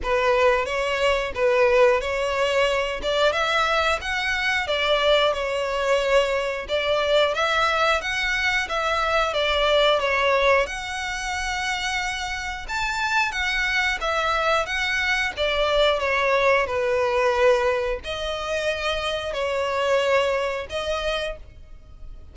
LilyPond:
\new Staff \with { instrumentName = "violin" } { \time 4/4 \tempo 4 = 90 b'4 cis''4 b'4 cis''4~ | cis''8 d''8 e''4 fis''4 d''4 | cis''2 d''4 e''4 | fis''4 e''4 d''4 cis''4 |
fis''2. a''4 | fis''4 e''4 fis''4 d''4 | cis''4 b'2 dis''4~ | dis''4 cis''2 dis''4 | }